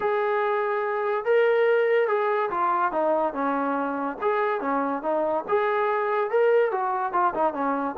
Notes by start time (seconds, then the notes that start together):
0.00 G#4
1.24 A#4
2.08 G#4
2.50 F4
2.92 D#4
3.33 C#4
4.21 G#4
4.60 C#4
5.02 D#4
5.48 G#4
6.30 A#4
6.71 F#4
7.12 F4
7.34 D#4
7.53 C#4